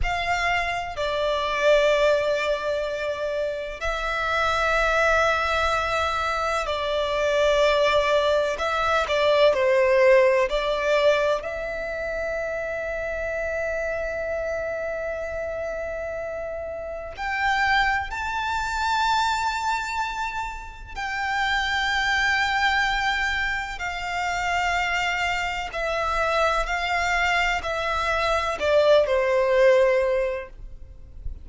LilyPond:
\new Staff \with { instrumentName = "violin" } { \time 4/4 \tempo 4 = 63 f''4 d''2. | e''2. d''4~ | d''4 e''8 d''8 c''4 d''4 | e''1~ |
e''2 g''4 a''4~ | a''2 g''2~ | g''4 f''2 e''4 | f''4 e''4 d''8 c''4. | }